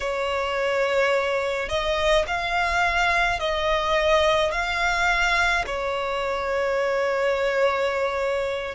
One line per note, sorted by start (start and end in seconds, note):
0.00 1.68 C#5
1.68 2.25 D#5
2.26 3.40 F5
3.40 4.51 D#5
4.51 5.64 F5
5.66 8.75 C#5